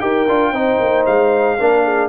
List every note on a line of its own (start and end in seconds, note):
0.00 0.27 D#4
0.00 0.26 G4
0.00 0.52 A#4
0.00 1.04 G5
0.28 0.52 D4
0.28 0.54 F4
0.52 0.78 C4
0.52 1.58 D#4
0.52 1.56 C5
0.79 1.06 A#3
1.06 1.59 G#3
1.06 2.09 F5
1.59 2.09 A#3
1.59 2.09 D4
1.59 1.84 A#4
1.84 2.09 G#4